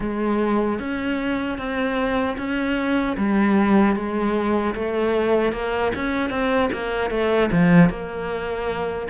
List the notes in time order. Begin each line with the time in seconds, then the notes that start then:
0.00 G#3
0.79 C#4
1.58 C4
2.37 C#4
3.17 G3
3.95 G#3
4.74 A3
5.52 A#3
5.95 C#4
6.29 C4
6.72 A#3
7.10 A3
7.51 F3
7.89 A#3